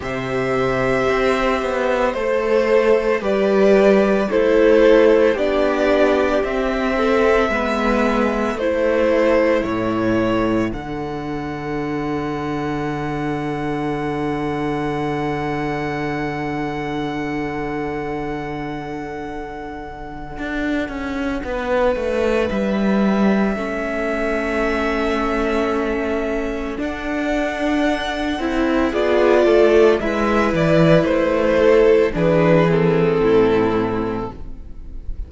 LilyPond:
<<
  \new Staff \with { instrumentName = "violin" } { \time 4/4 \tempo 4 = 56 e''2 c''4 d''4 | c''4 d''4 e''2 | c''4 cis''4 fis''2~ | fis''1~ |
fis''1~ | fis''4 e''2.~ | e''4 fis''2 d''4 | e''8 d''8 c''4 b'8 a'4. | }
  \new Staff \with { instrumentName = "violin" } { \time 4/4 c''2. b'4 | a'4 g'4. a'8 b'4 | a'1~ | a'1~ |
a'1 | b'2 a'2~ | a'2. gis'8 a'8 | b'4. a'8 gis'4 e'4 | }
  \new Staff \with { instrumentName = "viola" } { \time 4/4 g'2 a'4 g'4 | e'4 d'4 c'4 b4 | e'2 d'2~ | d'1~ |
d'1~ | d'2 cis'2~ | cis'4 d'4. e'8 f'4 | e'2 d'8 c'4. | }
  \new Staff \with { instrumentName = "cello" } { \time 4/4 c4 c'8 b8 a4 g4 | a4 b4 c'4 gis4 | a4 a,4 d2~ | d1~ |
d2. d'8 cis'8 | b8 a8 g4 a2~ | a4 d'4. c'8 b8 a8 | gis8 e8 a4 e4 a,4 | }
>>